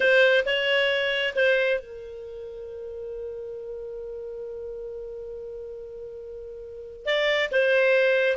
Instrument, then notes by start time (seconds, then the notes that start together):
clarinet
0.00 C5
0.45 C#5
1.35 C5
1.79 A#4
7.05 D5
7.51 C5